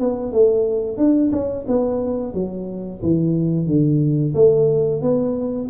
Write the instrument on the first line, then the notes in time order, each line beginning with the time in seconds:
tuba
0.00 B3
0.32 A3
0.98 D4
1.32 C#4
1.68 B3
2.34 F#3
3.03 E3
3.67 D3
4.35 A3
5.02 B3